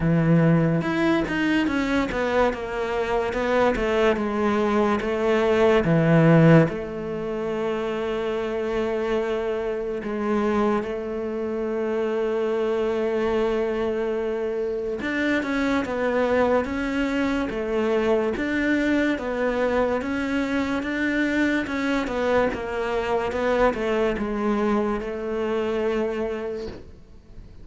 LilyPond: \new Staff \with { instrumentName = "cello" } { \time 4/4 \tempo 4 = 72 e4 e'8 dis'8 cis'8 b8 ais4 | b8 a8 gis4 a4 e4 | a1 | gis4 a2.~ |
a2 d'8 cis'8 b4 | cis'4 a4 d'4 b4 | cis'4 d'4 cis'8 b8 ais4 | b8 a8 gis4 a2 | }